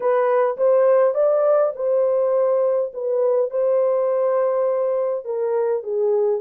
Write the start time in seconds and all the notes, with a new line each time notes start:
0.00 B4
0.57 C5
1.14 D5
1.75 C5
2.93 B4
3.50 C5
5.24 A#4
5.83 G#4